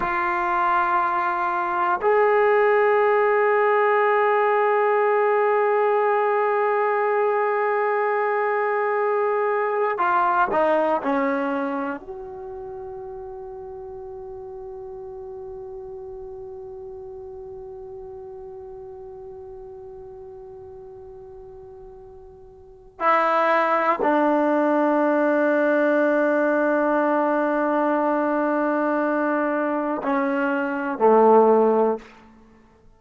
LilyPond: \new Staff \with { instrumentName = "trombone" } { \time 4/4 \tempo 4 = 60 f'2 gis'2~ | gis'1~ | gis'2 f'8 dis'8 cis'4 | fis'1~ |
fis'1~ | fis'2. e'4 | d'1~ | d'2 cis'4 a4 | }